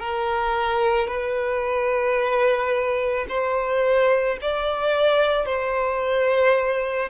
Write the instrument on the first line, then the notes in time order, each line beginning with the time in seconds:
violin
0.00 A#4
1.08 B4
3.29 C5
4.42 D5
5.46 C5